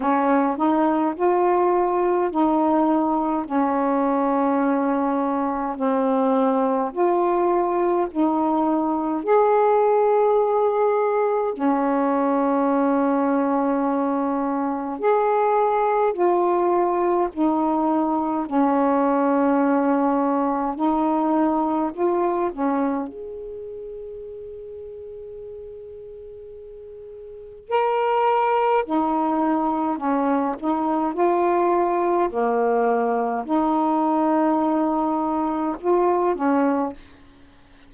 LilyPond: \new Staff \with { instrumentName = "saxophone" } { \time 4/4 \tempo 4 = 52 cis'8 dis'8 f'4 dis'4 cis'4~ | cis'4 c'4 f'4 dis'4 | gis'2 cis'2~ | cis'4 gis'4 f'4 dis'4 |
cis'2 dis'4 f'8 cis'8 | gis'1 | ais'4 dis'4 cis'8 dis'8 f'4 | ais4 dis'2 f'8 cis'8 | }